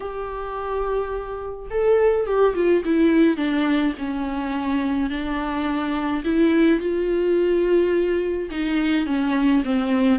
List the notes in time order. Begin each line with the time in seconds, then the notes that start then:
0.00 G4
1.70 A4
2.26 G4
2.54 F4
2.85 E4
3.37 D4
3.98 C#4
5.10 D4
6.24 E4
6.80 F4
8.51 D#4
9.06 C#4
9.64 C4